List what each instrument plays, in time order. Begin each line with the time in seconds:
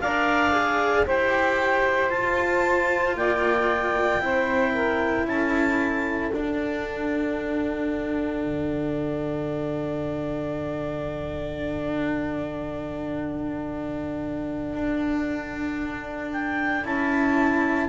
0.00 double bass D4, cello A#4, saxophone D5, clarinet F5
0.52 cello G#4
1.05 double bass E4, cello G4, saxophone C5, clarinet G5
2.10 cello F4, double bass F4, clarinet A5
3.15 double bass A#3, saxophone D5, clarinet G5
4.20 double bass C4, cello E4, saxophone C5
4.73 saxophone A#4
5.25 double bass C#4, saxophone A4, clarinet A5
6.31 cello D4, double bass D4, clarinet F#5
8.43 double bass D3
14.73 double bass D4
16.32 clarinet G5
16.84 double bass C#4, cello E4, clarinet A5